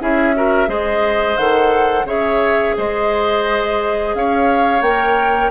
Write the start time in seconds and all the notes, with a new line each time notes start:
0.00 C#4 E4 G#4 E5
0.35 F#4 A#4
0.67 G#3 G#4 C5 D#5
1.38 D#3 A4 F#5
2.05 C#3 G#4 C#5 E5
2.77 G#3 C5 D#5
4.15 C#4 C#5 F5
4.81 A#3 A#4 G5